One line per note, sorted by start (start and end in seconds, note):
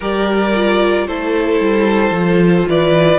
0.00 1.07 G3
0.00 0.54 G4
0.00 1.07 A#4
0.00 1.07 D5
0.54 1.08 F4
1.07 1.60 A3
1.07 2.14 E4
1.07 2.68 A4
1.07 2.68 C5
1.60 2.10 G3
2.10 2.64 F3
2.10 3.18 F4
2.68 3.18 E3
2.68 3.18 B4
2.68 3.18 D5